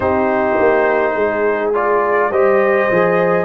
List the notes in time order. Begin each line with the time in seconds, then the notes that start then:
0.00 C4 D#4 G4 C5
0.59 A#3
1.15 G#3 G#4
1.73 F4 D5
2.30 G3 G4 C5 D#5
2.90 F3 G#4